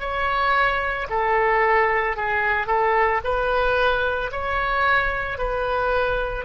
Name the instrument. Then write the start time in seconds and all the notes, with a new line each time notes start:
oboe
0.00 C#5
1.10 A4
2.17 G#4
2.67 A4
3.24 B4
4.32 C#5
5.38 B4